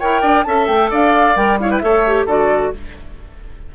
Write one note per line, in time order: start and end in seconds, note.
0.00 0.23 E4
0.00 0.46 A#4
0.00 0.21 C#5
0.00 0.44 G5
0.21 0.46 D4
0.21 0.44 D5
0.44 0.68 C#4
0.44 1.36 A4
0.44 0.91 E5
0.44 0.66 A5
0.67 0.91 A3
0.67 0.90 G5
0.91 1.36 D4
0.91 1.59 D5
0.91 1.37 F5
1.36 1.81 G3
1.36 1.59 A#4
1.36 1.60 G5
1.60 1.83 E4
1.60 1.71 C#5
1.60 1.71 F5
1.71 1.82 B4
1.71 1.79 G5
1.79 2.26 A3
1.79 2.05 A4
1.79 2.27 C#5
1.79 2.25 E5
2.07 2.28 G4
2.26 2.72 D3
2.26 2.73 F#4
2.26 2.72 A4
2.26 2.75 D5